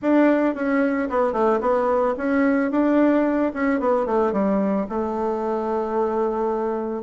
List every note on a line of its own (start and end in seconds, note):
0.01 0.55 D4
0.55 1.09 C#4
1.09 1.32 B3
1.32 1.59 A3
1.60 2.14 B3
2.17 2.71 C#4
2.71 3.52 D4
3.53 3.80 C#4
3.80 4.06 B3
4.06 4.32 A3
4.32 4.86 G3
4.89 7.03 A3